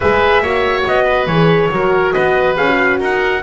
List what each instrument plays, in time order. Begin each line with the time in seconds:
0.00 double bass G#3, horn G#4, oboe B4, trumpet E5
0.40 double bass A#3, horn F#4, oboe C#5
0.87 double bass B3, trumpet D#5
1.04 oboe B4
1.26 double bass E3, horn G#4, trumpet C#5
1.71 double bass F#3, horn F#4, oboe A#4
2.12 double bass B3, oboe B4, trumpet D#5
2.56 double bass C#4, horn G#4, trumpet F5
2.66 horn F#4
2.99 double bass D#4, oboe A#4, trumpet F#5